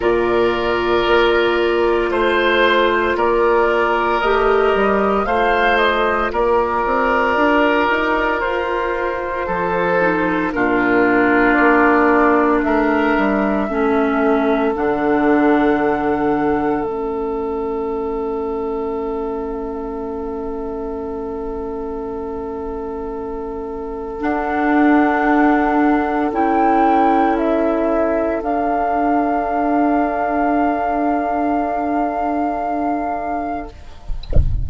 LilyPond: <<
  \new Staff \with { instrumentName = "flute" } { \time 4/4 \tempo 4 = 57 d''2 c''4 d''4 | dis''4 f''8 dis''8 d''2 | c''2 ais'4 d''4 | e''2 fis''2 |
e''1~ | e''2. fis''4~ | fis''4 g''4 e''4 f''4~ | f''1 | }
  \new Staff \with { instrumentName = "oboe" } { \time 4/4 ais'2 c''4 ais'4~ | ais'4 c''4 ais'2~ | ais'4 a'4 f'2 | ais'4 a'2.~ |
a'1~ | a'1~ | a'1~ | a'1 | }
  \new Staff \with { instrumentName = "clarinet" } { \time 4/4 f'1 | g'4 f'2.~ | f'4. dis'8 d'2~ | d'4 cis'4 d'2 |
cis'1~ | cis'2. d'4~ | d'4 e'2 d'4~ | d'1 | }
  \new Staff \with { instrumentName = "bassoon" } { \time 4/4 ais,4 ais4 a4 ais4 | a8 g8 a4 ais8 c'8 d'8 dis'8 | f'4 f4 ais,4 ais4 | a8 g8 a4 d2 |
a1~ | a2. d'4~ | d'4 cis'2 d'4~ | d'1 | }
>>